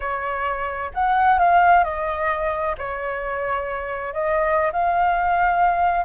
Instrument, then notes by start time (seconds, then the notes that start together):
flute
0.00 C#5
0.94 F#5
1.39 F5
1.83 D#5
2.78 C#5
4.13 D#5
4.72 F5